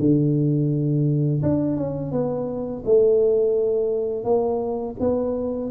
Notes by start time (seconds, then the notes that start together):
0.00 D3
1.43 D4
1.77 C#4
2.12 B3
2.86 A3
4.25 A#3
5.00 B3